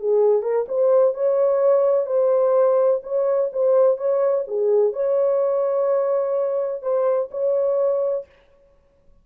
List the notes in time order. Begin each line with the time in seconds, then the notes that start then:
0.00 G#4
0.43 A#4
0.68 C5
1.14 C#5
2.06 C5
3.03 C#5
3.53 C5
3.97 C#5
4.47 G#4
4.93 C#5
6.82 C5
7.31 C#5